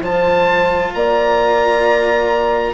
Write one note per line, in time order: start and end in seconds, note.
0.00 0.91 F3
0.00 2.74 F4
0.00 0.93 C5
0.00 0.94 A5
0.94 2.74 A#3
0.94 2.74 D5
0.94 2.74 A#5